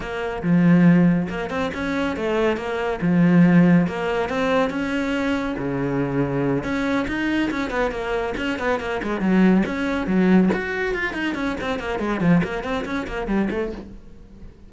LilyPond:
\new Staff \with { instrumentName = "cello" } { \time 4/4 \tempo 4 = 140 ais4 f2 ais8 c'8 | cis'4 a4 ais4 f4~ | f4 ais4 c'4 cis'4~ | cis'4 cis2~ cis8 cis'8~ |
cis'8 dis'4 cis'8 b8 ais4 cis'8 | b8 ais8 gis8 fis4 cis'4 fis8~ | fis8 fis'4 f'8 dis'8 cis'8 c'8 ais8 | gis8 f8 ais8 c'8 cis'8 ais8 g8 a8 | }